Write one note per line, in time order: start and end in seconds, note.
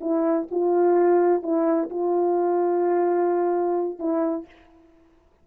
0.00 0.47 E4
0.50 1.42 F4
1.42 1.89 E4
1.89 3.99 F4
3.99 4.46 E4